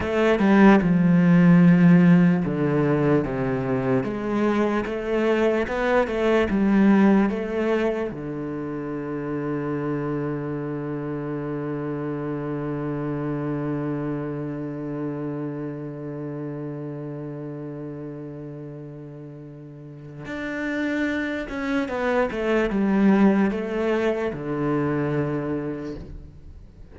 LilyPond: \new Staff \with { instrumentName = "cello" } { \time 4/4 \tempo 4 = 74 a8 g8 f2 d4 | c4 gis4 a4 b8 a8 | g4 a4 d2~ | d1~ |
d1~ | d1~ | d4 d'4. cis'8 b8 a8 | g4 a4 d2 | }